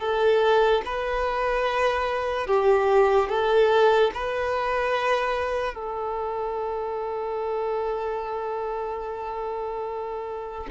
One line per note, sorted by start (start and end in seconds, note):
0.00 0.82 A4
0.86 2.47 B4
2.47 3.29 G4
3.29 4.11 A4
4.14 5.75 B4
5.75 10.68 A4